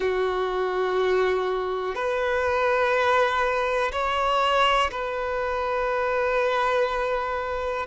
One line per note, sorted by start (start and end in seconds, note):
0.00 1.94 F#4
1.94 3.91 B4
3.92 4.90 C#5
4.91 7.86 B4